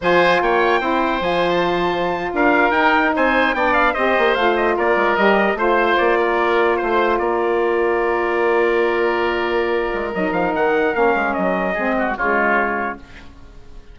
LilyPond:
<<
  \new Staff \with { instrumentName = "trumpet" } { \time 4/4 \tempo 4 = 148 gis''4 g''2 gis''8. a''16~ | a''4.~ a''16 f''4 g''4 gis''16~ | gis''8. g''8 f''8 dis''4 f''8 dis''8 d''16~ | d''8. dis''4 c''4 d''4~ d''16~ |
d''8. c''4 d''2~ d''16~ | d''1~ | d''4 dis''8 f''8 fis''4 f''4 | dis''2 cis''2 | }
  \new Staff \with { instrumentName = "oboe" } { \time 4/4 c''4 cis''4 c''2~ | c''4.~ c''16 ais'2 c''16~ | c''8. d''4 c''2 ais'16~ | ais'4.~ ais'16 c''4. ais'8.~ |
ais'8. c''4 ais'2~ ais'16~ | ais'1~ | ais'1~ | ais'4 gis'8 fis'8 f'2 | }
  \new Staff \with { instrumentName = "saxophone" } { \time 4/4 f'2 e'4 f'4~ | f'2~ f'8. dis'4~ dis'16~ | dis'8. d'4 g'4 f'4~ f'16~ | f'8. g'4 f'2~ f'16~ |
f'1~ | f'1~ | f'4 dis'2 cis'4~ | cis'4 c'4 gis2 | }
  \new Staff \with { instrumentName = "bassoon" } { \time 4/4 f4 ais4 c'4 f4~ | f4.~ f16 d'4 dis'4 c'16~ | c'8. b4 c'8 ais8 a4 ais16~ | ais16 gis8 g4 a4 ais4~ ais16~ |
ais8. a4 ais2~ ais16~ | ais1~ | ais8 gis8 fis8 f8 dis4 ais8 gis8 | fis4 gis4 cis2 | }
>>